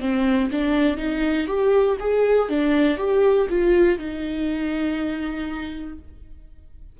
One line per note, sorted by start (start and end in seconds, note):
0.00 0.50 C4
0.51 0.97 D4
0.97 1.46 D#4
1.46 1.96 G4
2.00 2.49 G#4
2.49 2.97 D4
2.97 3.47 G4
3.49 3.98 F4
3.98 5.98 D#4